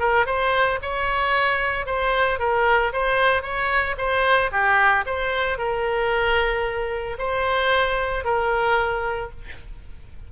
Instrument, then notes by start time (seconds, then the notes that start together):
oboe
0.00 A#4
0.27 C5
0.83 C#5
1.87 C5
2.40 A#4
2.93 C5
3.43 C#5
3.98 C5
4.52 G4
5.06 C5
5.58 A#4
7.19 C5
8.25 A#4